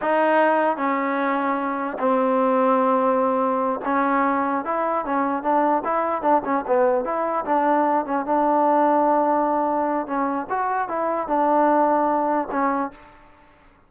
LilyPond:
\new Staff \with { instrumentName = "trombone" } { \time 4/4 \tempo 4 = 149 dis'2 cis'2~ | cis'4 c'2.~ | c'4. cis'2 e'8~ | e'8 cis'4 d'4 e'4 d'8 |
cis'8 b4 e'4 d'4. | cis'8 d'2.~ d'8~ | d'4 cis'4 fis'4 e'4 | d'2. cis'4 | }